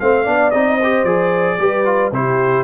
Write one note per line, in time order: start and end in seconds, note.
0.00 0.27 A3
0.00 0.26 C4
0.00 0.24 C5
0.00 0.51 F5
0.24 0.54 B3
0.24 0.53 D4
0.24 0.76 D5
0.51 1.04 C4
0.51 0.81 D#4
0.51 1.05 D#5
0.76 1.57 C5
0.84 1.06 G4
1.04 1.58 F3
1.04 1.59 G#4
1.04 2.12 D5
1.59 2.12 G3
1.59 1.85 G4
1.59 2.14 B4
1.85 2.12 F4
2.12 2.64 C3
2.12 2.64 E4
2.12 2.64 G4
2.12 2.64 C5